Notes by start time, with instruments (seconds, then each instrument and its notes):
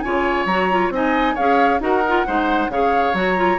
0.00 bassoon C#3, clarinet F4, oboe C#5, flute G#5
0.45 bassoon F#3, clarinet F#4, flute A#5
0.71 clarinet F4
0.90 bassoon C4, clarinet D#4, oboe D#5, flute G#5
1.35 bassoon C#4, clarinet G#4, oboe C#5, flute F5
1.80 bassoon D#4, clarinet F#4, oboe A#4, flute F#5
2.08 clarinet F4
2.26 bassoon G#3, clarinet D#4, oboe C5
2.68 bassoon C#3, clarinet G#4, oboe C#5, flute F5
3.13 bassoon F#3, clarinet F#4, flute A#5
3.36 clarinet F4